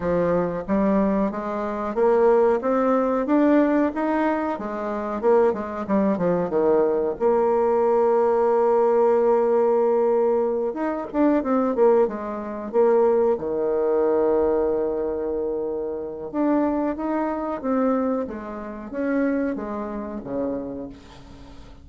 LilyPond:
\new Staff \with { instrumentName = "bassoon" } { \time 4/4 \tempo 4 = 92 f4 g4 gis4 ais4 | c'4 d'4 dis'4 gis4 | ais8 gis8 g8 f8 dis4 ais4~ | ais1~ |
ais8 dis'8 d'8 c'8 ais8 gis4 ais8~ | ais8 dis2.~ dis8~ | dis4 d'4 dis'4 c'4 | gis4 cis'4 gis4 cis4 | }